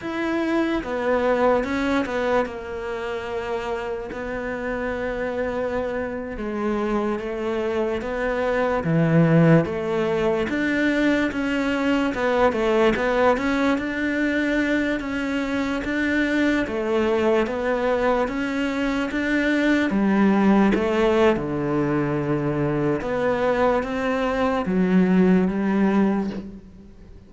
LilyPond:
\new Staff \with { instrumentName = "cello" } { \time 4/4 \tempo 4 = 73 e'4 b4 cis'8 b8 ais4~ | ais4 b2~ b8. gis16~ | gis8. a4 b4 e4 a16~ | a8. d'4 cis'4 b8 a8 b16~ |
b16 cis'8 d'4. cis'4 d'8.~ | d'16 a4 b4 cis'4 d'8.~ | d'16 g4 a8. d2 | b4 c'4 fis4 g4 | }